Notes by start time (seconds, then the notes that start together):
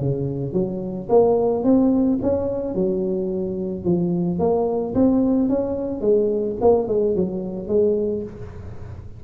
0.00 C#3
0.54 F#3
1.09 A#3
1.64 C4
2.23 C#4
2.75 F#3
3.85 F3
4.39 A#3
4.95 C4
5.49 C#4
6.02 G#3
6.62 A#3
6.88 G#3
7.16 F#3
7.68 G#3